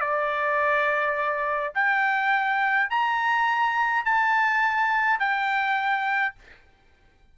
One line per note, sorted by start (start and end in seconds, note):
0.00 1.73 D5
1.74 2.90 G5
2.90 4.04 A#5
4.04 5.19 A5
5.19 6.34 G5